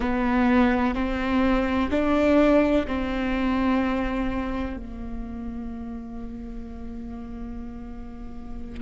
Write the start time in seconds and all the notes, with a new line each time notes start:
0.00 B3
0.94 C4
1.90 D4
2.87 C4
4.77 A#3